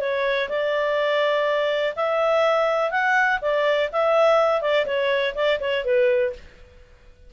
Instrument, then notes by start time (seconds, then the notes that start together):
clarinet
0.00 C#5
0.49 D5
1.96 E5
2.91 F#5
3.41 D5
3.92 E5
4.61 D5
4.86 C#5
5.35 D5
5.60 C#5
5.84 B4